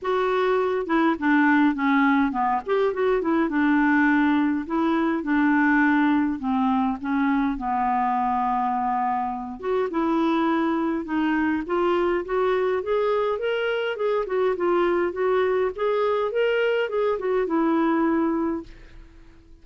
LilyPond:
\new Staff \with { instrumentName = "clarinet" } { \time 4/4 \tempo 4 = 103 fis'4. e'8 d'4 cis'4 | b8 g'8 fis'8 e'8 d'2 | e'4 d'2 c'4 | cis'4 b2.~ |
b8 fis'8 e'2 dis'4 | f'4 fis'4 gis'4 ais'4 | gis'8 fis'8 f'4 fis'4 gis'4 | ais'4 gis'8 fis'8 e'2 | }